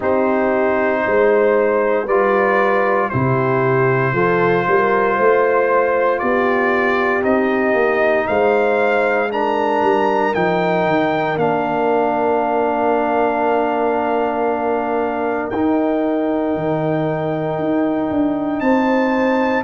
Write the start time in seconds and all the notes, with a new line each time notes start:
0.00 C4 D#4 G4 C5
1.06 G#3 C5
2.04 G3 F4 B4 D5
3.09 C3 E4 G4 C5
4.12 F3 F4 A4
4.67 G3 A#4
5.16 A3 C5
6.19 B3 G4 D5
7.22 C4 D#4 D#5
7.73 A#3
8.27 G#3 C5 F5
9.30 D4 A#4 A#5
9.81 G3
10.34 F3 D#4 G5
10.85 D#3
11.36 A#3 D4 F5
15.49 D#4 G5
16.55 D#3
17.58 D#4
18.10 D4
18.59 C4 C5 A5